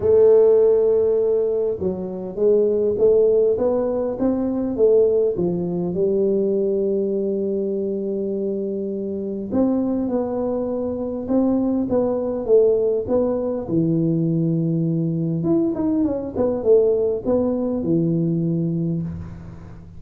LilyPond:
\new Staff \with { instrumentName = "tuba" } { \time 4/4 \tempo 4 = 101 a2. fis4 | gis4 a4 b4 c'4 | a4 f4 g2~ | g1 |
c'4 b2 c'4 | b4 a4 b4 e4~ | e2 e'8 dis'8 cis'8 b8 | a4 b4 e2 | }